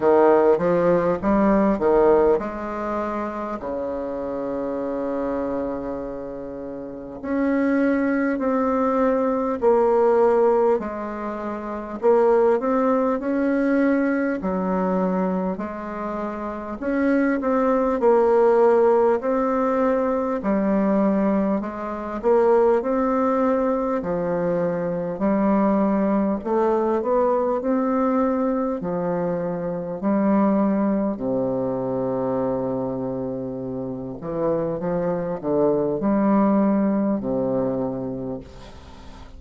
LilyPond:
\new Staff \with { instrumentName = "bassoon" } { \time 4/4 \tempo 4 = 50 dis8 f8 g8 dis8 gis4 cis4~ | cis2 cis'4 c'4 | ais4 gis4 ais8 c'8 cis'4 | fis4 gis4 cis'8 c'8 ais4 |
c'4 g4 gis8 ais8 c'4 | f4 g4 a8 b8 c'4 | f4 g4 c2~ | c8 e8 f8 d8 g4 c4 | }